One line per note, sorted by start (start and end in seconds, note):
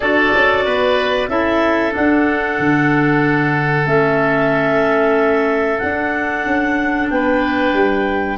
0.00 0.33 D4
0.00 1.29 F#4
0.00 0.64 A4
0.00 1.28 D5
0.34 0.66 C#4
0.64 1.28 B3
0.64 1.29 B4
1.28 1.92 C#4
1.28 1.91 E4
1.28 7.11 A4
1.28 1.93 E5
1.91 3.84 D4
1.91 2.58 D4
1.91 3.87 F#5
2.58 3.86 D3
3.85 5.79 A3
3.85 5.78 C#4
3.85 5.78 E5
5.78 8.37 D4
5.78 6.45 D4
5.78 7.07 F#5
6.45 7.09 C#4
7.09 7.73 B3
7.09 8.37 B4
7.09 8.37 G5
7.73 8.37 G3